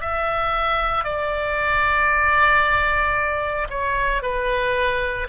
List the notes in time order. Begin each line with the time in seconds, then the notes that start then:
0.00 E5
1.04 D5
3.69 C#5
4.22 B4